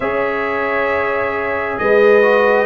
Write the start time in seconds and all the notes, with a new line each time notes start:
0.00 C#4 G#4 C#5 E5
1.78 G#3 B4 D#5
2.22 F#4